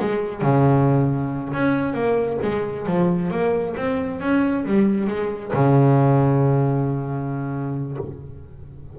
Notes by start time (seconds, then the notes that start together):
0.00 G#3
0.42 C#3
1.53 C#4
1.94 A#3
2.42 G#3
2.87 F3
3.31 A#3
3.77 C4
4.21 C#4
4.65 G3
5.07 G#3
5.53 C#3